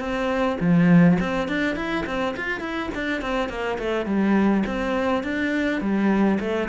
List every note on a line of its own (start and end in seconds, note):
0.00 0.58 C4
0.61 1.18 F3
1.20 1.49 C4
1.49 1.76 D4
1.76 2.05 E4
2.06 2.35 C4
2.37 2.61 F4
2.61 2.90 E4
2.95 3.22 D4
3.22 3.49 C4
3.49 3.78 A#3
3.79 4.06 A3
4.06 4.64 G3
4.67 5.24 C4
5.24 5.81 D4
5.81 6.39 G3
6.40 6.69 A3